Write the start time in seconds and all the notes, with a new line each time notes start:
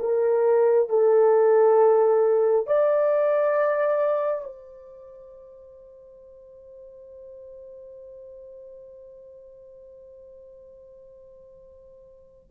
0.00 A#4
0.90 A4
2.67 D5
4.45 C5